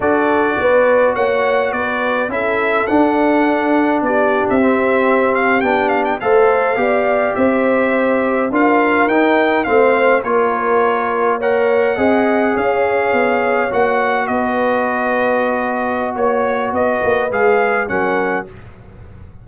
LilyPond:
<<
  \new Staff \with { instrumentName = "trumpet" } { \time 4/4 \tempo 4 = 104 d''2 fis''4 d''4 | e''4 fis''2 d''8. e''16~ | e''4~ e''16 f''8 g''8 f''16 g''16 f''4~ f''16~ | f''8. e''2 f''4 g''16~ |
g''8. f''4 cis''2 fis''16~ | fis''4.~ fis''16 f''2 fis''16~ | fis''8. dis''2.~ dis''16 | cis''4 dis''4 f''4 fis''4 | }
  \new Staff \with { instrumentName = "horn" } { \time 4/4 a'4 b'4 cis''4 b'4 | a'2. g'4~ | g'2~ g'8. c''4 d''16~ | d''8. c''2 ais'4~ ais'16~ |
ais'8. c''4 ais'2 cis''16~ | cis''8. dis''4 cis''2~ cis''16~ | cis''8. b'2.~ b'16 | cis''4 b'2 ais'4 | }
  \new Staff \with { instrumentName = "trombone" } { \time 4/4 fis'1 | e'4 d'2. | c'4.~ c'16 d'4 a'4 g'16~ | g'2~ g'8. f'4 dis'16~ |
dis'8. c'4 f'2 ais'16~ | ais'8. gis'2. fis'16~ | fis'1~ | fis'2 gis'4 cis'4 | }
  \new Staff \with { instrumentName = "tuba" } { \time 4/4 d'4 b4 ais4 b4 | cis'4 d'2 b8. c'16~ | c'4.~ c'16 b4 a4 b16~ | b8. c'2 d'4 dis'16~ |
dis'8. a4 ais2~ ais16~ | ais8. c'4 cis'4 b4 ais16~ | ais8. b2.~ b16 | ais4 b8 ais8 gis4 fis4 | }
>>